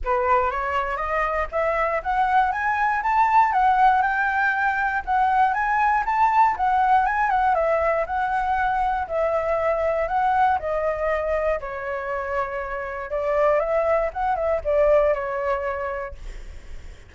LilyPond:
\new Staff \with { instrumentName = "flute" } { \time 4/4 \tempo 4 = 119 b'4 cis''4 dis''4 e''4 | fis''4 gis''4 a''4 fis''4 | g''2 fis''4 gis''4 | a''4 fis''4 gis''8 fis''8 e''4 |
fis''2 e''2 | fis''4 dis''2 cis''4~ | cis''2 d''4 e''4 | fis''8 e''8 d''4 cis''2 | }